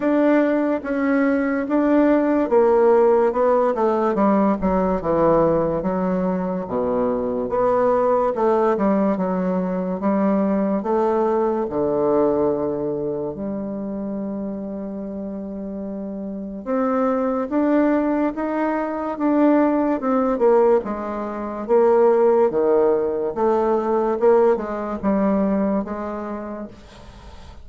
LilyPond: \new Staff \with { instrumentName = "bassoon" } { \time 4/4 \tempo 4 = 72 d'4 cis'4 d'4 ais4 | b8 a8 g8 fis8 e4 fis4 | b,4 b4 a8 g8 fis4 | g4 a4 d2 |
g1 | c'4 d'4 dis'4 d'4 | c'8 ais8 gis4 ais4 dis4 | a4 ais8 gis8 g4 gis4 | }